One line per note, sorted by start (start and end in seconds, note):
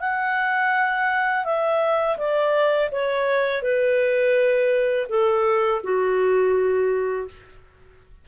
0.00 1.45 F#5
1.45 2.17 E5
2.18 2.90 D5
2.91 3.62 C#5
3.62 5.07 B4
5.09 5.82 A4
5.84 7.28 F#4